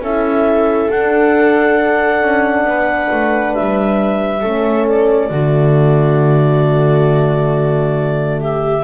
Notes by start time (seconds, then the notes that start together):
0.00 C#4 E4 A4 E5
0.90 D4 F#5
2.22 C#4
2.65 B3 B4
3.11 A3
3.54 G3 E5
4.41 A3 C#4 A4
4.88 D5
5.31 D3 A3 F#4
8.41 G4 E5